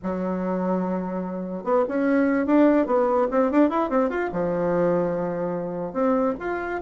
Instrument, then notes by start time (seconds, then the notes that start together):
bassoon
0.02 F#3
1.63 B3
1.88 C#4
2.46 D4
2.86 B3
3.31 C4
3.51 D4
3.69 E4
3.89 C4
4.09 F4
4.32 F3
5.93 C4
6.39 F4